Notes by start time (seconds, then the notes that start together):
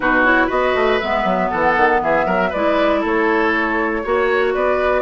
0.00 B2 D#4 F#4 B4
0.24 E4 C#5
0.46 B3 F#4 B4 D#5
0.74 A3
1.00 G#3 B3 E5
1.24 F#3
1.50 E3 A4 F#5
1.77 D#3
2.02 E3 G#4 E5
2.25 F#3 A#4
2.49 G#3 E4 B4 D5
3.00 A3 A4 C#5
4.03 A#3 F#4 C#5
4.53 B3 B4 D5